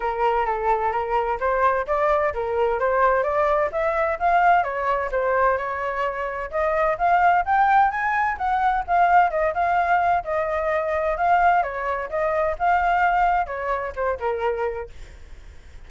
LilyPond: \new Staff \with { instrumentName = "flute" } { \time 4/4 \tempo 4 = 129 ais'4 a'4 ais'4 c''4 | d''4 ais'4 c''4 d''4 | e''4 f''4 cis''4 c''4 | cis''2 dis''4 f''4 |
g''4 gis''4 fis''4 f''4 | dis''8 f''4. dis''2 | f''4 cis''4 dis''4 f''4~ | f''4 cis''4 c''8 ais'4. | }